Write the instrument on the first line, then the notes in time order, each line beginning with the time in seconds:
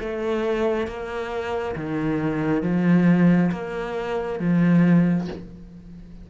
cello
0.00 A3
0.87 A#3
1.76 D#3
2.63 F3
3.52 A#3
4.40 F3